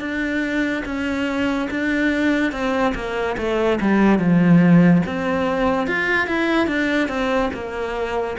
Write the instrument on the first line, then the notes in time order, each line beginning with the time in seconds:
cello
0.00 D4
0.86 C#4
1.71 D4
2.52 C4
2.95 A#3
3.37 A3
3.81 G3
4.19 F3
5.06 C4
5.87 F4
6.27 E4
6.67 D4
7.08 C4
7.54 A#3